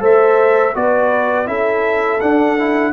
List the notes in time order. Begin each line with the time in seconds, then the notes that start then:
0.00 A3 A4 C5 E5
0.75 B3 F#4 B4 D5
1.46 C#4 E4 A4 E5
2.21 D4 F#5
2.59 E4